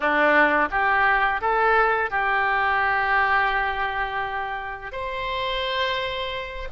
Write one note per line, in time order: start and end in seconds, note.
0.00 0.68 D4
0.71 1.41 G4
1.41 2.10 A4
2.10 4.92 G4
4.92 6.68 C5